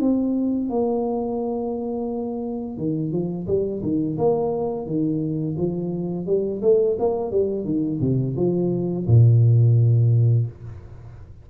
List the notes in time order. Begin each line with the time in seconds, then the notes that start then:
0.00 C4
0.70 A#3
2.78 D#3
3.12 F3
3.47 G3
3.83 D#3
4.18 A#3
4.86 D#3
5.58 F3
6.26 G3
6.62 A3
6.99 A#3
7.31 G3
7.65 D#3
8.01 C3
8.37 F3
9.07 A#2